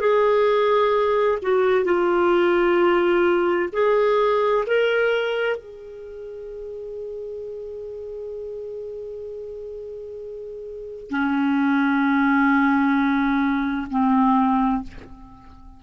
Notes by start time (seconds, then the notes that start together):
0.00 G#4
1.42 F#4
1.85 F4
3.73 G#4
4.67 A#4
5.57 G#4
11.10 C#4
13.90 C4